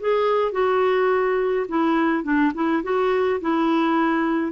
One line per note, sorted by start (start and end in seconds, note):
0.00 0.52 G#4
0.52 1.66 F#4
1.69 2.24 E4
2.24 2.52 D4
2.55 2.83 E4
2.83 3.41 F#4
3.41 4.52 E4